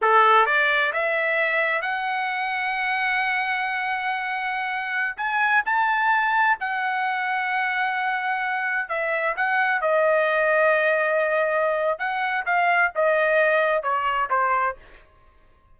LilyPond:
\new Staff \with { instrumentName = "trumpet" } { \time 4/4 \tempo 4 = 130 a'4 d''4 e''2 | fis''1~ | fis''2.~ fis''16 gis''8.~ | gis''16 a''2 fis''4.~ fis''16~ |
fis''2.~ fis''16 e''8.~ | e''16 fis''4 dis''2~ dis''8.~ | dis''2 fis''4 f''4 | dis''2 cis''4 c''4 | }